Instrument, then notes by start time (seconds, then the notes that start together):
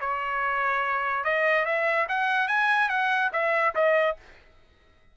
trumpet
0.00 C#5
1.24 D#5
1.65 E5
2.09 F#5
2.48 G#5
2.89 F#5
3.33 E5
3.75 D#5